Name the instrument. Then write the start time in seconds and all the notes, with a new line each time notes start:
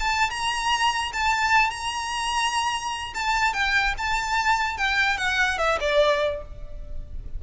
violin
0.00 A5
0.30 A#5
1.13 A5
1.70 A#5
3.14 A5
3.53 G5
3.98 A5
4.78 G5
5.17 F#5
5.58 E5
5.80 D5